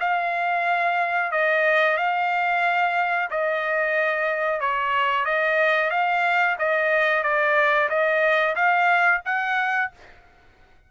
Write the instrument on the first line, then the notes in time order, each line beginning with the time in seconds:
trumpet
0.00 F5
1.32 D#5
1.98 F5
3.31 D#5
4.61 C#5
5.25 D#5
5.91 F5
6.59 D#5
7.23 D5
7.89 D#5
8.56 F5
9.25 F#5